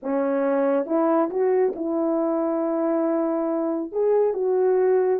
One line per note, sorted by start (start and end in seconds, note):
0.02 0.86 C#4
0.86 1.29 E4
1.29 1.73 F#4
1.75 3.92 E4
3.92 4.33 G#4
4.33 5.20 F#4